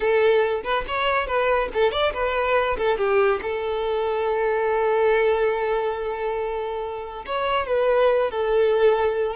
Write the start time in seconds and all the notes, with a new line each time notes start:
0.00 A4
0.63 B4
0.87 C#5
1.26 B4
1.73 A4
1.91 D5
2.13 B4
2.77 A4
2.97 G4
3.42 A4
7.26 C#5
7.67 B4
8.31 A4